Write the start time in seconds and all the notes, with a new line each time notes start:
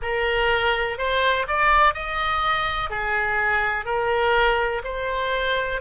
0.01 A#4
0.98 C5
1.47 D5
1.94 D#5
2.89 G#4
3.85 A#4
4.84 C5